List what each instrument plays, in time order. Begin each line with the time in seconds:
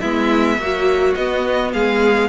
0.00 cello G#3, viola B3, violin E4 E5
0.58 viola F#3, cello A#3, violin F#4
1.15 cello B3, viola B3, violin D#5
1.73 cello G#3, violin G#4 F5